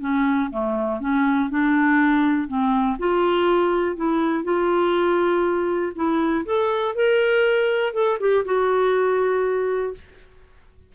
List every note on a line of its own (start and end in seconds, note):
0.00 0.50 C#4
0.50 1.00 A3
1.00 1.49 C#4
1.49 2.48 D4
2.48 2.97 C4
2.98 3.96 F4
3.96 4.44 E4
4.44 5.92 F4
5.95 6.45 E4
6.45 6.95 A4
6.95 7.93 A#4
7.93 8.18 A4
8.20 8.44 G4
8.45 9.94 F#4